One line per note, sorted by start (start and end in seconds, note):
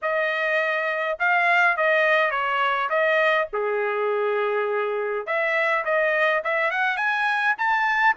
0.02 1.18 D#5
1.19 1.76 F5
1.76 2.31 D#5
2.31 2.89 C#5
2.89 3.48 D#5
3.52 5.26 G#4
5.26 5.84 E5
5.85 6.43 D#5
6.44 6.70 E5
6.70 6.96 F#5
6.96 7.55 G#5
7.57 8.16 A5